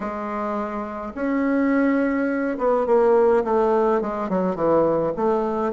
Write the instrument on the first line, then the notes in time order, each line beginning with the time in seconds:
bassoon
0.00 G#3
1.14 C#4
2.58 B3
2.86 A#3
3.44 A3
4.01 G#3
4.29 F#3
4.55 E3
5.16 A3